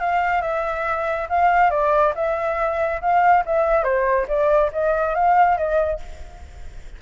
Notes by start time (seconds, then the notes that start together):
0.00 F5
0.42 E5
1.30 F5
1.71 D5
2.15 E5
3.01 F5
3.46 E5
3.84 C5
4.28 D5
4.73 D#5
5.15 F5
5.57 D#5